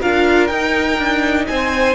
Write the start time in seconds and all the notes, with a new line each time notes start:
0.00 D4 F4 A#4 F5
0.47 D#4 G5
0.99 D4
1.47 C4 C5 G#5